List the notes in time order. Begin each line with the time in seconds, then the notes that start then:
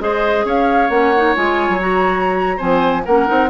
0.00 G#3 G#4 C5 D#5
0.45 C#4 C#5 F5
0.89 A#3 C#4 F#5
1.16 D#4
1.35 G#3 F4 G#5
1.69 F#3
1.79 F#4 A#5
2.57 F3 C4 C5 G#5
3.05 A#3 C#4 A#4 F#5
3.26 C4 D#4